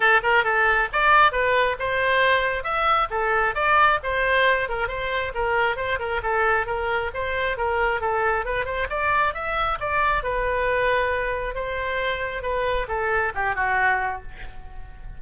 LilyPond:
\new Staff \with { instrumentName = "oboe" } { \time 4/4 \tempo 4 = 135 a'8 ais'8 a'4 d''4 b'4 | c''2 e''4 a'4 | d''4 c''4. ais'8 c''4 | ais'4 c''8 ais'8 a'4 ais'4 |
c''4 ais'4 a'4 b'8 c''8 | d''4 e''4 d''4 b'4~ | b'2 c''2 | b'4 a'4 g'8 fis'4. | }